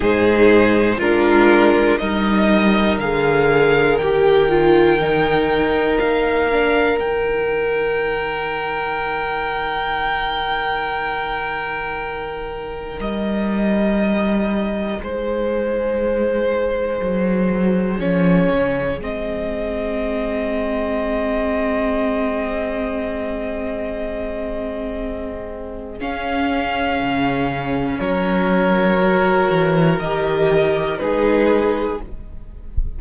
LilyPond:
<<
  \new Staff \with { instrumentName = "violin" } { \time 4/4 \tempo 4 = 60 c''4 ais'4 dis''4 f''4 | g''2 f''4 g''4~ | g''1~ | g''4 dis''2 c''4~ |
c''2 cis''4 dis''4~ | dis''1~ | dis''2 f''2 | cis''2 dis''4 b'4 | }
  \new Staff \with { instrumentName = "violin" } { \time 4/4 gis'4 f'4 ais'2~ | ais'1~ | ais'1~ | ais'2. gis'4~ |
gis'1~ | gis'1~ | gis'1 | ais'2. gis'4 | }
  \new Staff \with { instrumentName = "viola" } { \time 4/4 dis'4 d'4 dis'4 gis'4 | g'8 f'8 dis'4. d'8 dis'4~ | dis'1~ | dis'1~ |
dis'2 cis'4 c'4~ | c'1~ | c'2 cis'2~ | cis'4 fis'4 g'4 dis'4 | }
  \new Staff \with { instrumentName = "cello" } { \time 4/4 gis,4 gis4 g4 d4 | dis2 ais4 dis4~ | dis1~ | dis4 g2 gis4~ |
gis4 fis4 f8 cis8 gis4~ | gis1~ | gis2 cis'4 cis4 | fis4. e8 dis4 gis4 | }
>>